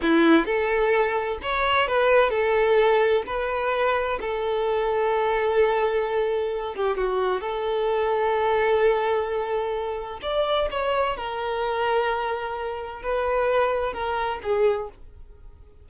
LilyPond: \new Staff \with { instrumentName = "violin" } { \time 4/4 \tempo 4 = 129 e'4 a'2 cis''4 | b'4 a'2 b'4~ | b'4 a'2.~ | a'2~ a'8 g'8 fis'4 |
a'1~ | a'2 d''4 cis''4 | ais'1 | b'2 ais'4 gis'4 | }